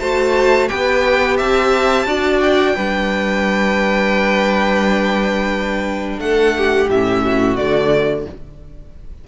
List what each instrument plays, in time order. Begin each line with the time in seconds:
0.00 cello A3, viola F#4, violin C5 A5
0.69 cello B3, viola G4, violin B4 G5
1.37 cello C4, violin E5 A5
2.06 cello D4, viola F#4, violin D5
2.41 violin G5
2.76 cello G3, viola D4, violin B4
6.19 cello A3, violin A4 F#5
6.58 violin G4
6.89 cello A2, viola C#4, violin E5
7.24 violin F#4
7.56 cello D3, viola A3, violin D5